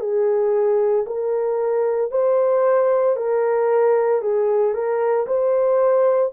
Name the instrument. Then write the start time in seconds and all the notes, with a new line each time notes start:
horn
0.00 G#4
1.06 A#4
2.11 C5
3.16 A#4
4.22 G#4
4.74 A#4
5.27 C5